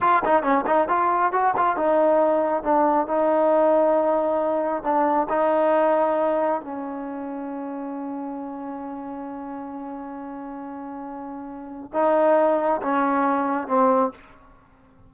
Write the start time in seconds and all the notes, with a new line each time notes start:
0.00 F4
0.24 D#4
0.43 C#4
0.66 D#4
0.88 F4
1.32 F#4
1.56 F4
1.76 D#4
2.63 D4
3.07 D#4
4.83 D4
5.29 D#4
6.61 C#4
11.93 D#4
12.82 C#4
13.67 C4